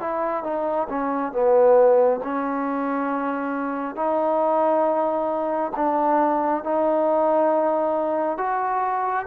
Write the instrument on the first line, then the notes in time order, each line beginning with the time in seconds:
trombone
0.00 E4
0.44 D#4
0.89 C#4
1.32 B3
2.24 C#4
3.95 D#4
5.76 D4
6.64 D#4
8.38 F#4